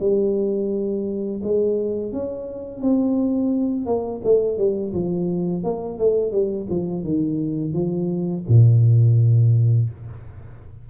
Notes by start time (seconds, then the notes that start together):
0.00 G3
1.43 G#3
2.12 C#4
2.81 C4
3.86 A#3
4.24 A3
4.58 G3
4.93 F3
5.64 A#3
5.99 A3
6.32 G3
6.70 F3
7.04 D#3
7.73 F3
8.49 A#2